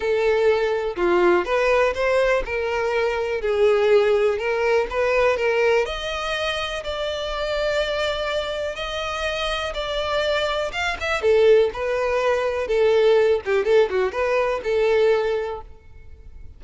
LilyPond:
\new Staff \with { instrumentName = "violin" } { \time 4/4 \tempo 4 = 123 a'2 f'4 b'4 | c''4 ais'2 gis'4~ | gis'4 ais'4 b'4 ais'4 | dis''2 d''2~ |
d''2 dis''2 | d''2 f''8 e''8 a'4 | b'2 a'4. g'8 | a'8 fis'8 b'4 a'2 | }